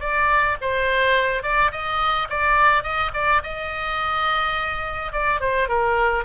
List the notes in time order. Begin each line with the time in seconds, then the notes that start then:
0.00 D5
0.61 C5
1.43 D5
1.71 D#5
2.29 D5
2.83 D#5
3.13 D5
3.43 D#5
5.12 D5
5.40 C5
5.68 A#4